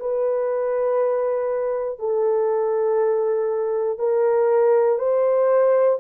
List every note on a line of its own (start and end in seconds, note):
0.00 2.00 B4
2.00 3.99 A4
3.99 4.99 A#4
4.99 5.99 C5